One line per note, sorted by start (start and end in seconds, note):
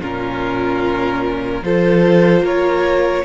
0.00 1.62 A#2
0.00 1.63 C#4
0.00 1.63 F4
0.00 1.64 A#4
1.62 2.41 F3
1.62 3.25 F4
1.62 2.42 A4
1.62 2.45 C5
2.41 3.22 A#3
2.41 3.23 A#4
2.41 3.25 C#5